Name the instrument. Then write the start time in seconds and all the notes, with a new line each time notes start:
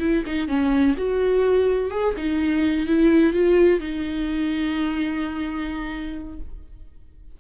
viola
0.00 E4
0.27 D#4
0.48 C#4
0.97 F#4
1.91 G#4
2.18 D#4
2.87 E4
3.33 F4
3.80 D#4